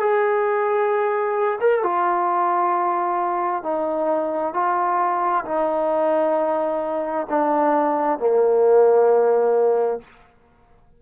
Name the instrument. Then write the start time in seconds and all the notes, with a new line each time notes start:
trombone
0.00 G#4
1.61 A#4
1.83 F4
3.64 D#4
4.54 F4
5.45 D#4
7.30 D4
8.19 A#3